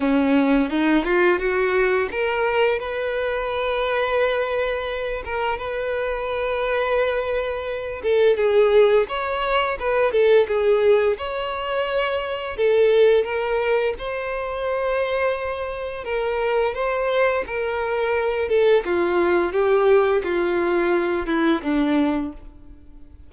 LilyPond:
\new Staff \with { instrumentName = "violin" } { \time 4/4 \tempo 4 = 86 cis'4 dis'8 f'8 fis'4 ais'4 | b'2.~ b'8 ais'8 | b'2.~ b'8 a'8 | gis'4 cis''4 b'8 a'8 gis'4 |
cis''2 a'4 ais'4 | c''2. ais'4 | c''4 ais'4. a'8 f'4 | g'4 f'4. e'8 d'4 | }